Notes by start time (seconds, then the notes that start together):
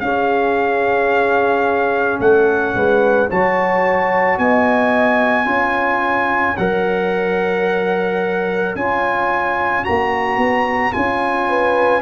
0.00 C#4 G#4 F5
2.20 A3 A4 F#5
2.75 G#3 B4
3.30 F#3 F#4 C#5 A5
4.38 B3 D#5 G#5
5.45 C#4 F4 C#5
6.57 F#3 A#4 F#5
8.75 C#4 F4 G#5
9.84 A#3 F#4 A#5
10.37 B3
10.93 C#4 F4 G#5
11.48 B4